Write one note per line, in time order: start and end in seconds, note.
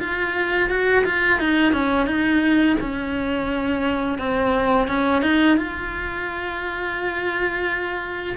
0.00 0.70 F4
0.70 1.05 F#4
1.05 1.40 F4
1.40 1.73 D#4
1.73 2.07 C#4
2.07 2.77 D#4
2.81 4.19 C#4
4.19 4.88 C4
4.88 5.23 C#4
5.23 5.58 D#4
5.58 8.37 F4